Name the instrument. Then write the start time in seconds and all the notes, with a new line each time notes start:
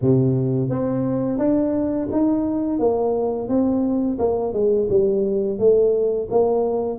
tuba
0.01 C3
0.69 C4
1.38 D4
2.11 D#4
2.79 A#3
3.48 C4
4.18 A#3
4.53 G#3
4.89 G3
5.58 A3
6.30 A#3